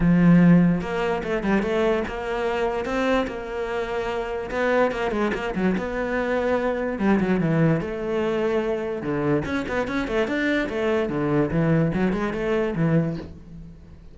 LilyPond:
\new Staff \with { instrumentName = "cello" } { \time 4/4 \tempo 4 = 146 f2 ais4 a8 g8 | a4 ais2 c'4 | ais2. b4 | ais8 gis8 ais8 fis8 b2~ |
b4 g8 fis8 e4 a4~ | a2 d4 cis'8 b8 | cis'8 a8 d'4 a4 d4 | e4 fis8 gis8 a4 e4 | }